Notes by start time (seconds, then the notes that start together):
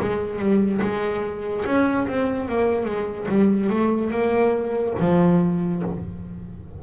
0.00 G#3
0.39 G3
0.81 G#3
1.66 C#4
2.08 C4
2.48 A#3
2.85 G#3
3.28 G3
3.69 A3
4.11 A#3
5.00 F3